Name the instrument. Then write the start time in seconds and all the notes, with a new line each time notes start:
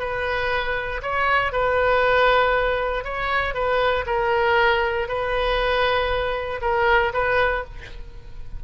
oboe
0.00 B4
1.03 C#5
1.53 B4
3.05 C#5
3.55 B4
4.07 A#4
5.08 B4
6.62 A#4
7.14 B4